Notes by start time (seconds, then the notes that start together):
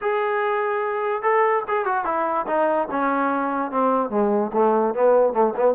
0.01 G#4
1.22 A4
1.68 G#4
1.85 F#4
2.05 E4
2.47 D#4
2.90 C#4
3.71 C4
4.10 G#3
4.53 A3
4.94 B3
5.33 A3
5.56 B3